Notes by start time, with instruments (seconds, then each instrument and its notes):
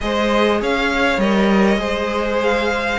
0.01 cello G#3, viola G#4, violin C5 D#5
0.60 cello C#4, violin C#5 F5
1.17 cello G3, viola A#4, violin D#5
1.77 cello G#3, viola G#4, violin C5
2.43 violin F5